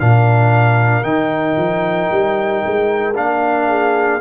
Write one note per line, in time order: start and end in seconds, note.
0.00 1.04 A#2
0.00 1.04 D4
0.00 3.68 A#4
0.00 1.04 F5
1.04 1.56 D#3
1.04 3.14 D#4
1.04 3.14 G5
1.58 2.10 F3
2.11 2.64 G3
2.67 3.18 G#3
3.15 4.21 A#3
3.15 4.21 D4
3.15 4.21 F5
3.68 4.21 G#4